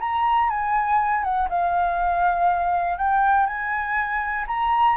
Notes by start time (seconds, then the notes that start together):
0.00 A#5
0.50 G#5
1.24 F#5
1.49 F5
2.98 G5
3.46 G#5
4.47 A#5